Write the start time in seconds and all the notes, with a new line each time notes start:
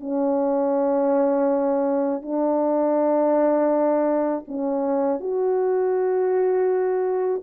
0.00 C#4
2.22 D4
4.47 C#4
5.20 F#4